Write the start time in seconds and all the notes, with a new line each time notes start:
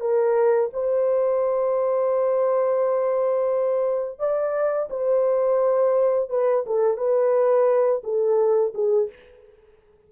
0.00 A#4
0.73 C5
4.19 D5
4.90 C5
6.29 B4
6.66 A4
6.97 B4
8.03 A4
8.74 G#4